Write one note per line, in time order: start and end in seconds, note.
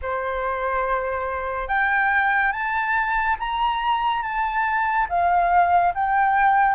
0.02 1.68 C5
1.68 2.52 G5
2.52 3.36 A5
3.39 4.22 A#5
4.22 5.06 A5
5.09 5.93 F5
5.94 6.75 G5